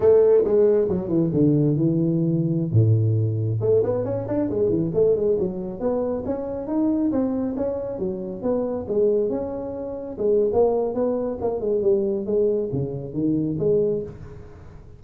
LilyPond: \new Staff \with { instrumentName = "tuba" } { \time 4/4 \tempo 4 = 137 a4 gis4 fis8 e8 d4 | e2~ e16 a,4.~ a,16~ | a,16 a8 b8 cis'8 d'8 gis8 e8 a8 gis16~ | gis16 fis4 b4 cis'4 dis'8.~ |
dis'16 c'4 cis'4 fis4 b8.~ | b16 gis4 cis'2 gis8. | ais4 b4 ais8 gis8 g4 | gis4 cis4 dis4 gis4 | }